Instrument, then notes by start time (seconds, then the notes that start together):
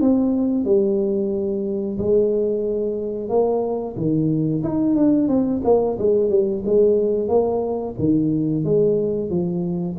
tuba
0.00 C4
0.64 G3
1.98 G#3
3.28 A#3
3.96 D#3
4.63 D#4
4.95 D4
5.28 C4
5.64 A#3
5.98 G#3
6.29 G3
6.65 G#3
7.28 A#3
7.98 D#3
8.64 G#3
9.29 F3